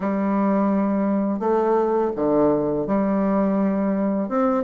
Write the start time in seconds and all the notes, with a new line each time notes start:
0.00 G3
1.39 A3
2.16 D3
2.86 G3
4.28 C4